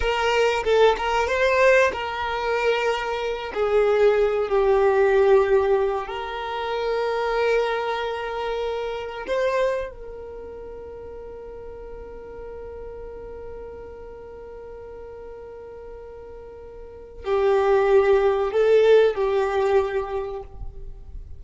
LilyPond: \new Staff \with { instrumentName = "violin" } { \time 4/4 \tempo 4 = 94 ais'4 a'8 ais'8 c''4 ais'4~ | ais'4. gis'4. g'4~ | g'4. ais'2~ ais'8~ | ais'2~ ais'8 c''4 ais'8~ |
ais'1~ | ais'1~ | ais'2. g'4~ | g'4 a'4 g'2 | }